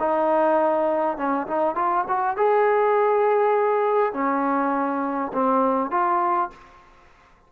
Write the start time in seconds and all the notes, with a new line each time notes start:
0.00 D#4
1.17 C#4
1.48 D#4
1.76 F4
2.08 F#4
2.37 G#4
4.14 C#4
5.34 C4
5.91 F4